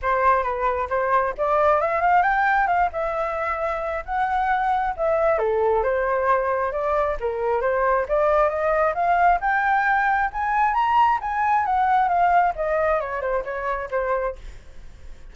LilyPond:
\new Staff \with { instrumentName = "flute" } { \time 4/4 \tempo 4 = 134 c''4 b'4 c''4 d''4 | e''8 f''8 g''4 f''8 e''4.~ | e''4 fis''2 e''4 | a'4 c''2 d''4 |
ais'4 c''4 d''4 dis''4 | f''4 g''2 gis''4 | ais''4 gis''4 fis''4 f''4 | dis''4 cis''8 c''8 cis''4 c''4 | }